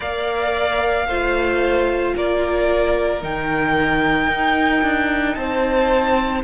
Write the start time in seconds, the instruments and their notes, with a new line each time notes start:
0.00 cello A#3, viola A#4, violin D5 F5
1.06 cello A3, viola F4, violin C5
2.15 cello A#3, violin A#4 D5
3.20 cello D#3, viola D#4, violin G5
4.27 cello D#4
4.82 cello D4
5.35 cello C4, violin C5 A5